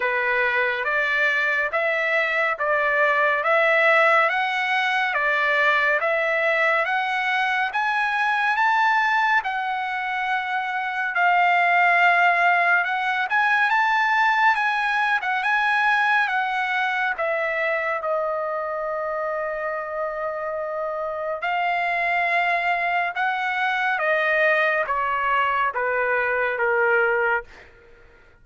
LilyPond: \new Staff \with { instrumentName = "trumpet" } { \time 4/4 \tempo 4 = 70 b'4 d''4 e''4 d''4 | e''4 fis''4 d''4 e''4 | fis''4 gis''4 a''4 fis''4~ | fis''4 f''2 fis''8 gis''8 |
a''4 gis''8. fis''16 gis''4 fis''4 | e''4 dis''2.~ | dis''4 f''2 fis''4 | dis''4 cis''4 b'4 ais'4 | }